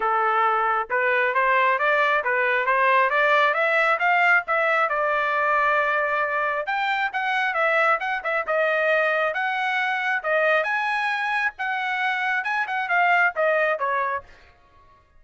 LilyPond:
\new Staff \with { instrumentName = "trumpet" } { \time 4/4 \tempo 4 = 135 a'2 b'4 c''4 | d''4 b'4 c''4 d''4 | e''4 f''4 e''4 d''4~ | d''2. g''4 |
fis''4 e''4 fis''8 e''8 dis''4~ | dis''4 fis''2 dis''4 | gis''2 fis''2 | gis''8 fis''8 f''4 dis''4 cis''4 | }